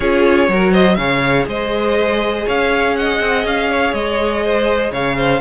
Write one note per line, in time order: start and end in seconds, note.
0.00 0.48 C#4
0.00 0.50 F4
0.00 0.49 G#4
0.00 0.73 C#5
0.48 0.97 F#3
0.48 0.98 F#4
0.48 0.72 A#4
0.72 0.96 C5
0.72 0.95 D#5
0.95 1.46 C#3
0.95 5.40 G#4
0.95 1.47 C#5
0.95 1.44 F5
1.47 2.45 G#3
1.47 2.45 C5
1.47 2.48 D#5
2.45 3.20 C#4
2.45 2.94 C#5
2.45 2.96 F5
2.96 3.70 D#5
2.96 3.45 F#5
3.20 3.44 C4
3.44 3.93 C#4
3.44 3.94 F5
3.70 4.43 C#5
3.93 4.91 G#3
3.93 4.92 D#5
4.43 4.91 C5
4.91 5.40 C#3
4.91 5.16 C#5
4.91 5.40 F5
5.16 5.40 C5